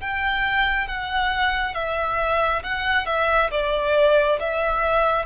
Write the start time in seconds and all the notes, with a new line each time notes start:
0.00 G5
0.87 F#5
1.74 E5
2.63 F#5
3.06 E5
3.51 D5
4.39 E5